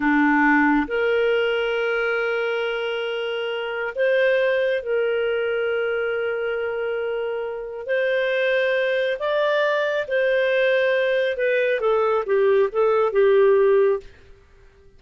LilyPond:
\new Staff \with { instrumentName = "clarinet" } { \time 4/4 \tempo 4 = 137 d'2 ais'2~ | ais'1~ | ais'4 c''2 ais'4~ | ais'1~ |
ais'2 c''2~ | c''4 d''2 c''4~ | c''2 b'4 a'4 | g'4 a'4 g'2 | }